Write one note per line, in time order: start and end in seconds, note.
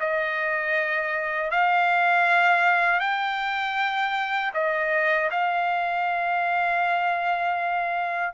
0.00 1.51 D#5
1.51 3.00 F5
3.00 4.52 G5
4.54 5.30 D#5
5.31 8.33 F5